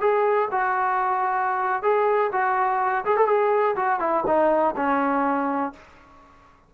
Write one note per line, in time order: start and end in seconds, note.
0.00 0.48 G#4
0.51 1.83 F#4
1.83 2.31 G#4
2.32 3.05 F#4
3.05 3.16 G#4
3.16 3.27 A4
3.27 3.75 G#4
3.76 4.00 F#4
4.00 4.24 E4
4.26 4.75 D#4
4.76 5.73 C#4